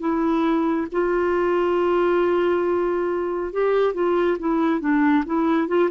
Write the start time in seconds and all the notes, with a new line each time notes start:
0.00 E4
0.92 F4
3.53 G4
3.94 F4
4.39 E4
4.80 D4
5.26 E4
5.68 F4